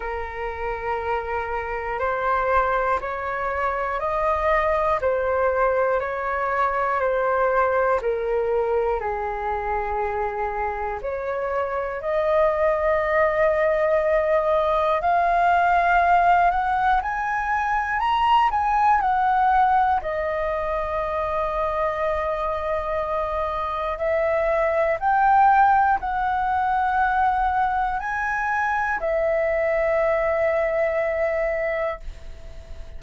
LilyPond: \new Staff \with { instrumentName = "flute" } { \time 4/4 \tempo 4 = 60 ais'2 c''4 cis''4 | dis''4 c''4 cis''4 c''4 | ais'4 gis'2 cis''4 | dis''2. f''4~ |
f''8 fis''8 gis''4 ais''8 gis''8 fis''4 | dis''1 | e''4 g''4 fis''2 | gis''4 e''2. | }